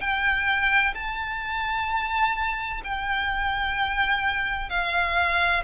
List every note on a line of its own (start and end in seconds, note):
0.00 0.94 G5
0.94 2.82 A5
2.84 4.70 G5
4.70 5.63 F5